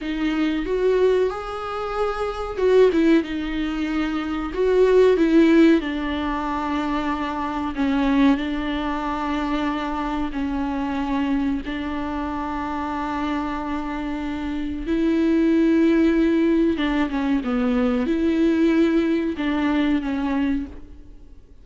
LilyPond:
\new Staff \with { instrumentName = "viola" } { \time 4/4 \tempo 4 = 93 dis'4 fis'4 gis'2 | fis'8 e'8 dis'2 fis'4 | e'4 d'2. | cis'4 d'2. |
cis'2 d'2~ | d'2. e'4~ | e'2 d'8 cis'8 b4 | e'2 d'4 cis'4 | }